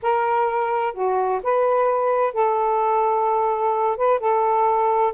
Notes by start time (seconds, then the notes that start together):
0.02 A#4
0.93 F#4
1.43 B4
2.33 A4
3.97 B4
4.19 A4